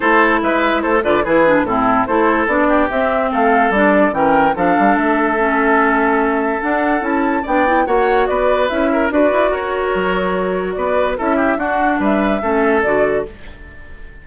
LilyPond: <<
  \new Staff \with { instrumentName = "flute" } { \time 4/4 \tempo 4 = 145 c''4 e''4 c''8 d''8 b'4 | a'4 c''4 d''4 e''4 | f''4 d''4 g''4 f''4 | e''1 |
fis''4 a''4 g''4 fis''4 | d''4 e''4 d''4 cis''4~ | cis''2 d''4 e''4 | fis''4 e''2 d''4 | }
  \new Staff \with { instrumentName = "oboe" } { \time 4/4 a'4 b'4 a'8 b'8 gis'4 | e'4 a'4. g'4. | a'2 ais'4 a'4~ | a'1~ |
a'2 d''4 cis''4 | b'4. ais'8 b'4 ais'4~ | ais'2 b'4 a'8 g'8 | fis'4 b'4 a'2 | }
  \new Staff \with { instrumentName = "clarinet" } { \time 4/4 e'2~ e'8 f'8 e'8 d'8 | c'4 e'4 d'4 c'4~ | c'4 d'4 cis'4 d'4~ | d'4 cis'2. |
d'4 e'4 d'8 e'8 fis'4~ | fis'4 e'4 fis'2~ | fis'2. e'4 | d'2 cis'4 fis'4 | }
  \new Staff \with { instrumentName = "bassoon" } { \time 4/4 a4 gis4 a8 d8 e4 | a,4 a4 b4 c'4 | a4 g4 e4 f8 g8 | a1 |
d'4 cis'4 b4 ais4 | b4 cis'4 d'8 e'8 fis'4 | fis2 b4 cis'4 | d'4 g4 a4 d4 | }
>>